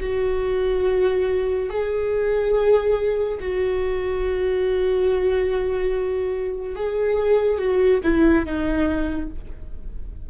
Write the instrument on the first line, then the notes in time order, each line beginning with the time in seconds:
viola
0.00 F#4
1.69 G#4
3.40 F#4
6.75 G#4
7.58 F#4
8.03 E4
8.45 D#4